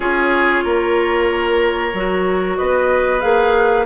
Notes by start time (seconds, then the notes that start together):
0.00 C#4 F4 G#4 C#5
0.64 A#3 A#4
1.93 F#3 F#4
2.57 B3 B4 D#5
3.20 A#3 G#4 F5